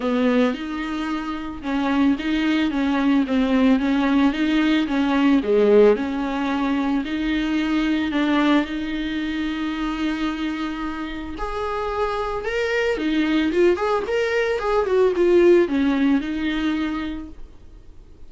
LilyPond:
\new Staff \with { instrumentName = "viola" } { \time 4/4 \tempo 4 = 111 b4 dis'2 cis'4 | dis'4 cis'4 c'4 cis'4 | dis'4 cis'4 gis4 cis'4~ | cis'4 dis'2 d'4 |
dis'1~ | dis'4 gis'2 ais'4 | dis'4 f'8 gis'8 ais'4 gis'8 fis'8 | f'4 cis'4 dis'2 | }